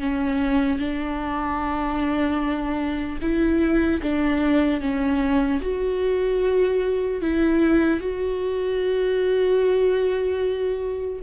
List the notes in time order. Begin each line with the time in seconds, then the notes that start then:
0.00 C#4
0.79 D4
3.22 E4
4.03 D4
4.81 C#4
5.62 F#4
7.22 E4
8.00 F#4